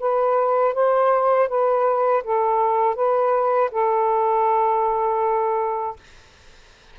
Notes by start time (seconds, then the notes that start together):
0.00 B4
0.74 C5
1.49 B4
2.24 A4
2.96 B4
3.72 A4